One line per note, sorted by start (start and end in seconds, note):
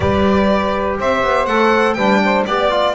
0.00 0.98 G3
0.00 1.47 G4
0.00 0.98 B4
0.00 0.96 D5
0.98 1.22 C4
0.98 1.95 C5
0.98 1.46 E5
1.22 1.46 B3
1.46 1.95 A3
1.46 1.97 A4
1.46 1.93 F#5
1.93 2.45 G3
1.93 2.46 D4
1.93 2.20 B4
1.93 2.42 G5
2.23 2.47 C5
2.45 2.95 B3
2.45 2.70 G4
2.45 2.95 D5
2.70 2.95 F4